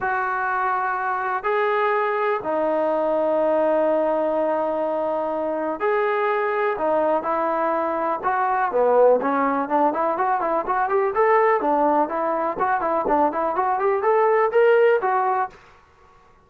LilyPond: \new Staff \with { instrumentName = "trombone" } { \time 4/4 \tempo 4 = 124 fis'2. gis'4~ | gis'4 dis'2.~ | dis'1 | gis'2 dis'4 e'4~ |
e'4 fis'4 b4 cis'4 | d'8 e'8 fis'8 e'8 fis'8 g'8 a'4 | d'4 e'4 fis'8 e'8 d'8 e'8 | fis'8 g'8 a'4 ais'4 fis'4 | }